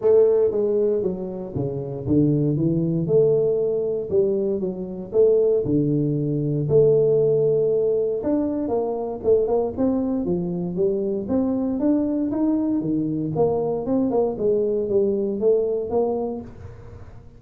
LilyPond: \new Staff \with { instrumentName = "tuba" } { \time 4/4 \tempo 4 = 117 a4 gis4 fis4 cis4 | d4 e4 a2 | g4 fis4 a4 d4~ | d4 a2. |
d'4 ais4 a8 ais8 c'4 | f4 g4 c'4 d'4 | dis'4 dis4 ais4 c'8 ais8 | gis4 g4 a4 ais4 | }